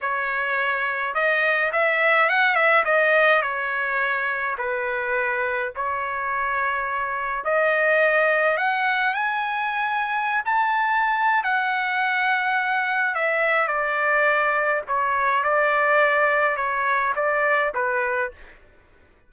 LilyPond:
\new Staff \with { instrumentName = "trumpet" } { \time 4/4 \tempo 4 = 105 cis''2 dis''4 e''4 | fis''8 e''8 dis''4 cis''2 | b'2 cis''2~ | cis''4 dis''2 fis''4 |
gis''2~ gis''16 a''4.~ a''16 | fis''2. e''4 | d''2 cis''4 d''4~ | d''4 cis''4 d''4 b'4 | }